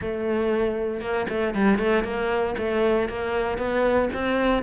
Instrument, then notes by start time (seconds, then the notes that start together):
cello
0.01 A3
1.00 A#3
1.29 A3
1.54 G3
1.79 A3
2.04 A#3
2.58 A3
3.09 A#3
3.58 B3
4.13 C4